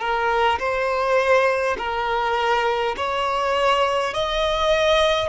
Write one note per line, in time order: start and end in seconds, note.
0.00 0.59 A#4
0.59 1.77 C5
1.79 2.96 A#4
2.97 4.14 C#5
4.14 5.29 D#5